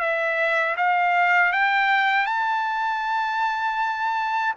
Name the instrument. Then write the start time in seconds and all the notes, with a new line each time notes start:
trumpet
0.00 E5
0.77 F5
1.53 G5
2.26 A5